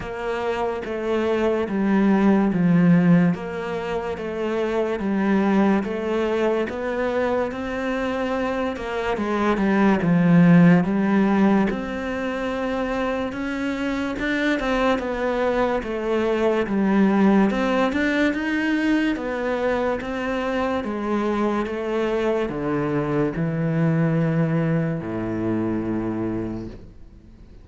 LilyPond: \new Staff \with { instrumentName = "cello" } { \time 4/4 \tempo 4 = 72 ais4 a4 g4 f4 | ais4 a4 g4 a4 | b4 c'4. ais8 gis8 g8 | f4 g4 c'2 |
cis'4 d'8 c'8 b4 a4 | g4 c'8 d'8 dis'4 b4 | c'4 gis4 a4 d4 | e2 a,2 | }